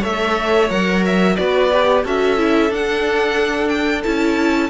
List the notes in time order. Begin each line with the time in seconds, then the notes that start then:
0.00 A3 A4 C#5 E5
0.70 F#3 A#4 F#5
1.05 E5
1.36 B3 F#4 B4 D5
1.72 G4
2.04 C#4 F#4 A4 E5
2.38 E4
2.70 D4 F#5
3.68 G5
4.03 C#4 E4 A5